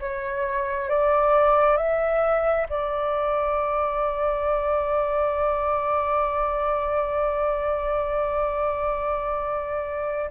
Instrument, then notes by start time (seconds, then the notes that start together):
flute
0.00 C#5
0.89 D5
1.77 E5
2.69 D5